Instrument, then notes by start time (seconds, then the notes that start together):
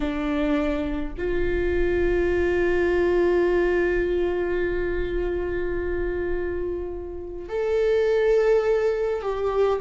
viola
0.00 D4
1.17 F4
7.48 A4
9.22 G4